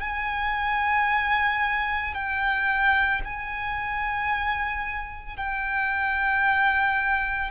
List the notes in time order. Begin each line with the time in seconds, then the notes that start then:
0.00 G#5
2.14 G5
3.24 G#5
5.37 G5